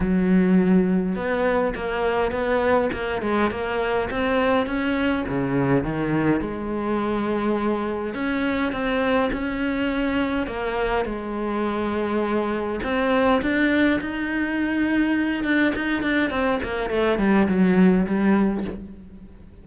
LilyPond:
\new Staff \with { instrumentName = "cello" } { \time 4/4 \tempo 4 = 103 fis2 b4 ais4 | b4 ais8 gis8 ais4 c'4 | cis'4 cis4 dis4 gis4~ | gis2 cis'4 c'4 |
cis'2 ais4 gis4~ | gis2 c'4 d'4 | dis'2~ dis'8 d'8 dis'8 d'8 | c'8 ais8 a8 g8 fis4 g4 | }